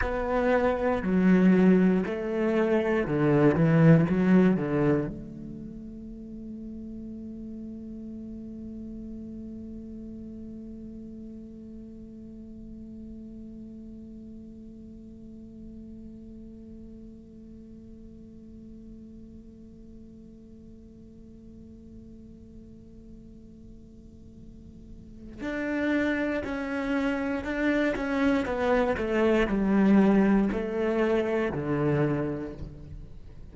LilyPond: \new Staff \with { instrumentName = "cello" } { \time 4/4 \tempo 4 = 59 b4 fis4 a4 d8 e8 | fis8 d8 a2.~ | a1~ | a1~ |
a1~ | a1~ | a4 d'4 cis'4 d'8 cis'8 | b8 a8 g4 a4 d4 | }